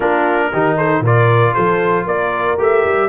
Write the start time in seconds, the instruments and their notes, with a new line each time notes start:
0.00 tuba A#3, trombone D4, horn F4, trumpet A#4
0.52 tuba D#3, trombone D#4, horn G4
0.77 horn A4, trumpet C5
1.00 tuba A#2, trombone F4, horn A#4, trumpet D5
1.53 tuba F3, horn A4, trumpet C5
2.04 tuba A#3, horn A#4, trumpet D5
2.58 tuba A3, trombone G4, trumpet E5
2.85 tuba G3